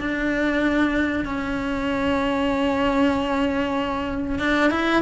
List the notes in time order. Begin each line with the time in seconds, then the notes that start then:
0.00 D4
1.25 C#4
4.39 D4
4.71 E4